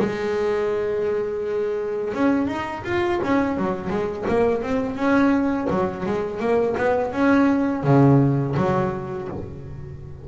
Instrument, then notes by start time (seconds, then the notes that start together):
double bass
0.00 G#3
2.14 C#4
2.48 D#4
2.85 F4
3.23 C#4
3.58 F#3
3.90 G#3
4.29 A#3
4.63 C4
4.96 C#4
5.70 F#3
6.06 G#3
6.40 A#3
6.78 B3
7.13 C#4
7.84 C#3
8.57 F#3